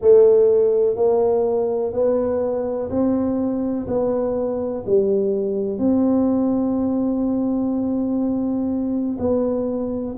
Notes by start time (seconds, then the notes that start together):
0.01 A3
0.95 A#3
1.92 B3
2.90 C4
3.87 B3
4.86 G3
5.78 C4
9.18 B3